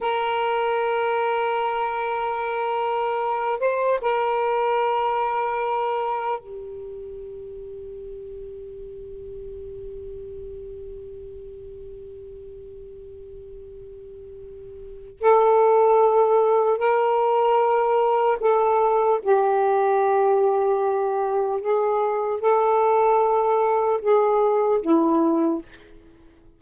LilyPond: \new Staff \with { instrumentName = "saxophone" } { \time 4/4 \tempo 4 = 75 ais'1~ | ais'8 c''8 ais'2. | g'1~ | g'1~ |
g'2. a'4~ | a'4 ais'2 a'4 | g'2. gis'4 | a'2 gis'4 e'4 | }